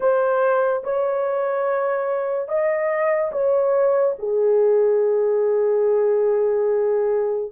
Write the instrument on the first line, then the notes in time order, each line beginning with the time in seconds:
horn
0.00 C5
0.83 C#5
2.48 D#5
3.32 C#5
4.19 G#4